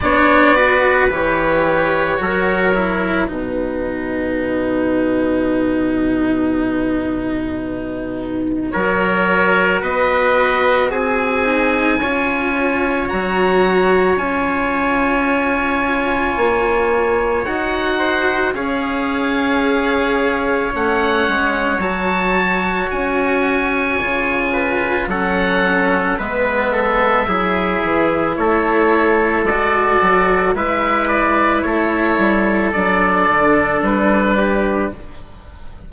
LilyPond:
<<
  \new Staff \with { instrumentName = "oboe" } { \time 4/4 \tempo 4 = 55 d''4 cis''2 b'4~ | b'1 | cis''4 dis''4 gis''2 | ais''4 gis''2. |
fis''4 f''2 fis''4 | a''4 gis''2 fis''4 | e''2 cis''4 d''4 | e''8 d''8 cis''4 d''4 b'4 | }
  \new Staff \with { instrumentName = "trumpet" } { \time 4/4 cis''8 b'4. ais'4 fis'4~ | fis'1 | ais'4 b'4 gis'4 cis''4~ | cis''1~ |
cis''8 c''8 cis''2.~ | cis''2~ cis''8 b'8 a'4 | b'8 a'8 gis'4 a'2 | b'4 a'2~ a'8 g'8 | }
  \new Staff \with { instrumentName = "cello" } { \time 4/4 d'8 fis'8 g'4 fis'8 e'8 dis'4~ | dis'1 | fis'2~ fis'8 dis'8 f'4 | fis'4 f'2. |
fis'4 gis'2 cis'4 | fis'2 f'4 cis'4 | b4 e'2 fis'4 | e'2 d'2 | }
  \new Staff \with { instrumentName = "bassoon" } { \time 4/4 b4 e4 fis4 b,4~ | b,1 | fis4 b4 c'4 cis'4 | fis4 cis'2 ais4 |
dis'4 cis'2 a8 gis8 | fis4 cis'4 cis4 fis4 | gis4 fis8 e8 a4 gis8 fis8 | gis4 a8 g8 fis8 d8 g4 | }
>>